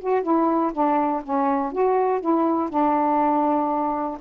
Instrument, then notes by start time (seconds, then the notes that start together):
saxophone
0.00 F#4
0.23 E4
0.73 D4
1.23 C#4
1.72 F#4
2.21 E4
2.70 D4